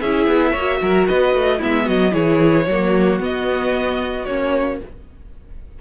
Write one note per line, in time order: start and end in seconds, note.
0.00 0.26 C#4
0.00 0.57 E4
0.00 0.51 G#4
0.00 1.06 E5
0.26 0.53 B3
0.51 0.81 A#3
0.51 1.60 F#4
0.51 0.78 C#5
0.81 1.08 F#3
0.81 1.08 A#4
1.08 1.34 B3
1.08 1.58 B4
1.08 1.61 D#5
1.34 1.61 A3
1.58 1.88 G#3
1.58 2.11 B3
1.58 1.84 E4
1.58 1.88 E5
1.85 2.14 F#3
1.85 2.11 F#4
1.85 2.13 D#5
2.11 2.66 E3
2.11 2.64 E4
2.11 2.66 G#4
2.11 3.19 C#5
2.66 3.19 F#3
2.66 3.19 A#3
2.66 4.78 F#4
3.19 4.26 B3
3.19 4.25 D#5
4.25 4.80 A#3
4.25 4.81 C#4
4.25 4.78 C#5